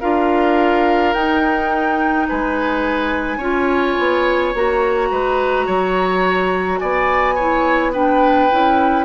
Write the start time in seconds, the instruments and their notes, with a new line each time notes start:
0.00 bassoon D4, clarinet F4, oboe A#4, flute F5
1.13 bassoon D#4, clarinet D#4, flute G5
2.28 bassoon G#3, oboe B4, flute G#5
3.37 bassoon C#4, clarinet F4, oboe C#5
3.99 bassoon B3
4.54 bassoon A#3, clarinet F#4, flute A#5
5.11 bassoon G#3, oboe B4
5.66 bassoon F#3, oboe C#5
6.78 bassoon B3, oboe D5, flute G#5
7.35 clarinet E4, oboe C#5
7.92 clarinet D4, oboe B4, flute G5
8.50 bassoon C#4, clarinet E4